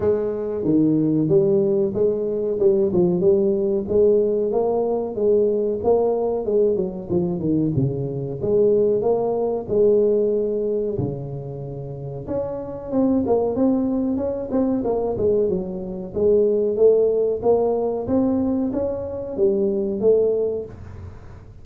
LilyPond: \new Staff \with { instrumentName = "tuba" } { \time 4/4 \tempo 4 = 93 gis4 dis4 g4 gis4 | g8 f8 g4 gis4 ais4 | gis4 ais4 gis8 fis8 f8 dis8 | cis4 gis4 ais4 gis4~ |
gis4 cis2 cis'4 | c'8 ais8 c'4 cis'8 c'8 ais8 gis8 | fis4 gis4 a4 ais4 | c'4 cis'4 g4 a4 | }